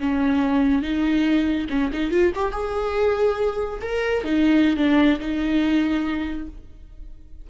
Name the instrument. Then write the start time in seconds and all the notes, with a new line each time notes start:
viola
0.00 C#4
0.83 D#4
1.70 C#4
1.93 D#4
2.11 F4
2.36 G4
2.53 G#4
3.82 A#4
4.25 D#4
4.77 D4
5.20 D#4